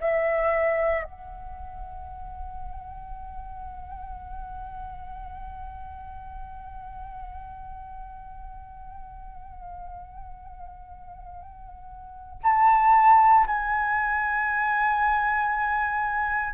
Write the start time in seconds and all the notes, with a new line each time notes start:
0.00 E5
1.03 F#5
12.43 A5
13.47 G#5